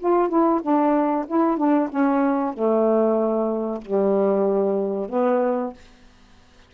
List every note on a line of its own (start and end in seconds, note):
0.00 0.29 F4
0.29 0.61 E4
0.62 1.26 D4
1.27 1.58 E4
1.58 1.89 D4
1.90 2.54 C#4
2.54 3.82 A3
3.82 5.09 G3
5.10 5.74 B3